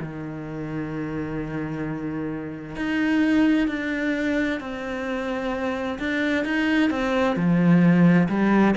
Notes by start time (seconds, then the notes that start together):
0.00 D#3
2.76 D#4
3.68 D4
4.60 C4
5.99 D4
6.44 D#4
6.90 C4
7.36 F3
8.29 G3